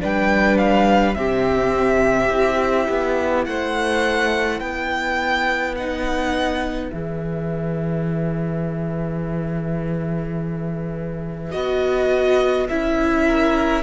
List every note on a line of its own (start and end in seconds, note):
0.00 1.16 G3
0.00 1.15 D4
0.00 1.17 B4
0.00 0.58 G5
0.58 1.15 F5
1.15 2.29 C3
1.15 2.31 C4
1.15 3.48 G4
1.15 3.45 E5
2.29 2.87 C4
2.29 5.78 E4
2.89 3.47 B3
3.45 4.60 A3
3.45 4.63 C5
3.45 4.60 F#5
4.60 6.91 B3
4.60 13.27 B4
4.60 5.75 G5
5.75 6.92 D#4
5.75 6.91 F#5
6.91 11.54 E3
6.91 11.52 G#4
6.91 11.51 E5
11.51 12.70 B3
11.51 12.67 F#4
11.51 12.67 D#5
12.69 13.83 C#4
12.69 13.83 E4
12.69 13.83 E5
13.27 13.83 A#4